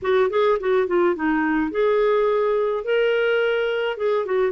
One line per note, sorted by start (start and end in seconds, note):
0.02 0.30 F#4
0.30 0.58 G#4
0.59 0.87 F#4
0.87 1.15 F4
1.15 1.71 D#4
1.71 2.84 G#4
2.84 3.97 A#4
3.97 4.25 G#4
4.25 4.51 F#4